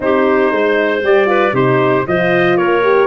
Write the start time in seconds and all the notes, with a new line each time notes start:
0.00 C4 D#4 G4 C5
0.51 G#3 C5
1.03 G3 G4 D5
1.26 F4 B4
1.52 C3 D#4 G4 C5
2.07 F3 F4 C5 D#5
2.57 A#3 A#4 C#5
2.83 G4